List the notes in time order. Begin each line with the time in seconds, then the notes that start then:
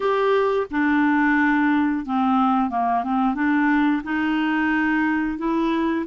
0.00 G4
0.70 D4
2.05 C4
2.70 A#3
3.03 C4
3.35 D4
4.03 D#4
5.37 E4